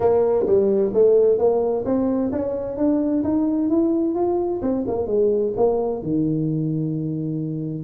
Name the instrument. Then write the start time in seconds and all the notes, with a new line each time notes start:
tuba
0.00 A#3
0.46 G3
0.93 A3
1.38 A#3
1.85 C4
2.31 C#4
2.77 D4
3.23 D#4
3.69 E4
4.14 F4
4.62 C4
4.87 A#3
5.06 G#3
5.56 A#3
6.02 D#3